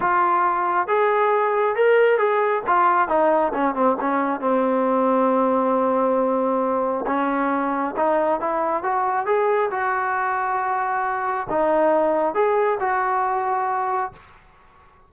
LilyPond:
\new Staff \with { instrumentName = "trombone" } { \time 4/4 \tempo 4 = 136 f'2 gis'2 | ais'4 gis'4 f'4 dis'4 | cis'8 c'8 cis'4 c'2~ | c'1 |
cis'2 dis'4 e'4 | fis'4 gis'4 fis'2~ | fis'2 dis'2 | gis'4 fis'2. | }